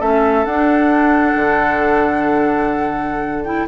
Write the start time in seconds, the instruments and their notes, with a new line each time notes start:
0.00 bassoon A3, clarinet C#4, oboe A4, flute E5
0.45 bassoon D4, clarinet D4, flute F#5
1.36 bassoon D3
3.45 clarinet E4, flute G5